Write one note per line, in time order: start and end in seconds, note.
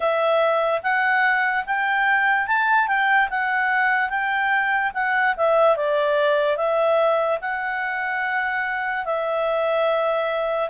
0.00 0.81 E5
0.83 1.65 F#5
1.66 2.47 G5
2.47 2.87 A5
2.87 3.28 G5
3.30 4.09 F#5
4.09 4.91 G5
4.94 5.35 F#5
5.36 5.76 E5
5.76 6.56 D5
6.56 7.39 E5
7.41 9.05 F#5
9.05 10.69 E5